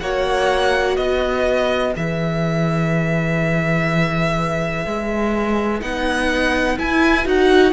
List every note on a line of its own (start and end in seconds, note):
0.00 0.97 A#3
0.00 1.93 F#4
0.00 0.98 C#5
0.00 0.96 F#5
0.96 1.94 B3
0.96 7.73 B4
0.96 1.93 D#5
1.93 4.85 E3
1.93 5.80 G#4
1.93 5.81 E5
4.85 5.81 G#3
5.80 6.78 B3
5.80 6.77 D#4
5.80 6.78 F#5
6.78 7.24 E4
6.78 7.26 E4
6.78 7.27 G#5
7.24 7.73 D#4
7.24 7.73 F#4
7.24 7.73 F#5